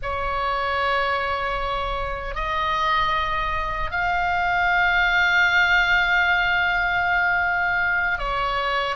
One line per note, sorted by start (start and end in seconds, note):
0.02 2.34 C#5
2.34 3.90 D#5
3.90 8.18 F5
8.18 8.96 C#5